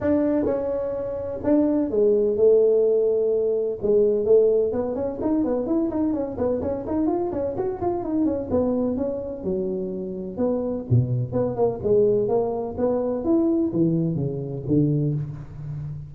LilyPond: \new Staff \with { instrumentName = "tuba" } { \time 4/4 \tempo 4 = 127 d'4 cis'2 d'4 | gis4 a2. | gis4 a4 b8 cis'8 dis'8 b8 | e'8 dis'8 cis'8 b8 cis'8 dis'8 f'8 cis'8 |
fis'8 f'8 dis'8 cis'8 b4 cis'4 | fis2 b4 b,4 | b8 ais8 gis4 ais4 b4 | e'4 e4 cis4 d4 | }